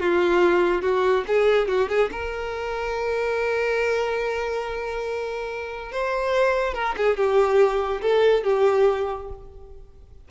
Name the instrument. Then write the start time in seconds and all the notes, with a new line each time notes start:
violin
0.00 F4
0.82 F#4
1.27 G#4
1.68 F#4
1.89 G#4
2.12 A#4
5.92 C5
6.74 A#4
6.97 G#4
7.17 G4
8.02 A4
8.44 G4